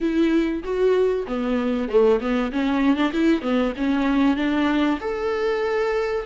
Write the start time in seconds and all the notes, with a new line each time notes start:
0.00 E4
0.63 F#4
1.27 B3
1.88 A3
2.20 B3
2.52 C#4
2.96 D4
3.12 E4
3.41 B3
3.76 C#4
4.36 D4
5.00 A4